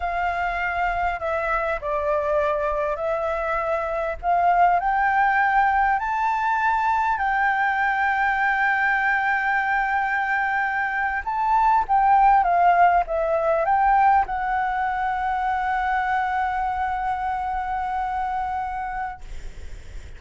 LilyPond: \new Staff \with { instrumentName = "flute" } { \time 4/4 \tempo 4 = 100 f''2 e''4 d''4~ | d''4 e''2 f''4 | g''2 a''2 | g''1~ |
g''2~ g''8. a''4 g''16~ | g''8. f''4 e''4 g''4 fis''16~ | fis''1~ | fis''1 | }